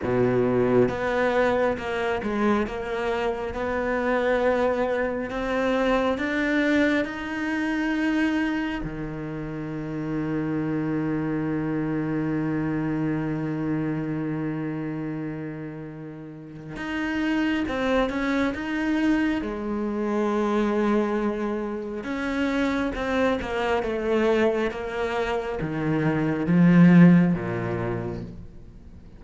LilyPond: \new Staff \with { instrumentName = "cello" } { \time 4/4 \tempo 4 = 68 b,4 b4 ais8 gis8 ais4 | b2 c'4 d'4 | dis'2 dis2~ | dis1~ |
dis2. dis'4 | c'8 cis'8 dis'4 gis2~ | gis4 cis'4 c'8 ais8 a4 | ais4 dis4 f4 ais,4 | }